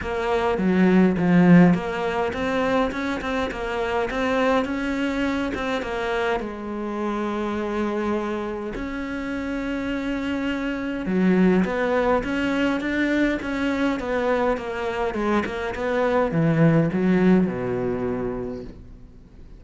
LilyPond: \new Staff \with { instrumentName = "cello" } { \time 4/4 \tempo 4 = 103 ais4 fis4 f4 ais4 | c'4 cis'8 c'8 ais4 c'4 | cis'4. c'8 ais4 gis4~ | gis2. cis'4~ |
cis'2. fis4 | b4 cis'4 d'4 cis'4 | b4 ais4 gis8 ais8 b4 | e4 fis4 b,2 | }